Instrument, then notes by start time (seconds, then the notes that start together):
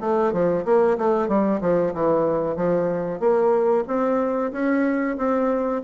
bassoon
0.00 A3
0.32 F3
0.65 A#3
0.98 A3
1.28 G3
1.61 F3
1.94 E3
2.56 F3
3.20 A#3
3.87 C4
4.52 C#4
5.17 C4